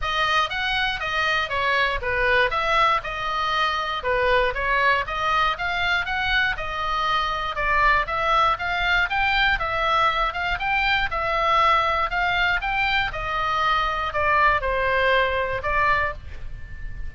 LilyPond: \new Staff \with { instrumentName = "oboe" } { \time 4/4 \tempo 4 = 119 dis''4 fis''4 dis''4 cis''4 | b'4 e''4 dis''2 | b'4 cis''4 dis''4 f''4 | fis''4 dis''2 d''4 |
e''4 f''4 g''4 e''4~ | e''8 f''8 g''4 e''2 | f''4 g''4 dis''2 | d''4 c''2 d''4 | }